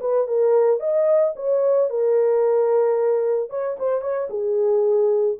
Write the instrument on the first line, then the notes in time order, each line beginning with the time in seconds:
horn
0.00 B4
0.27 A#4
0.80 D#5
1.35 C#5
1.89 A#4
3.49 C#5
3.79 C5
4.01 C#5
4.29 G#4